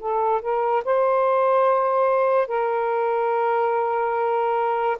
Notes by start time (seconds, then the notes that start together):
0.00 A4
0.42 A#4
0.84 C5
2.47 A#4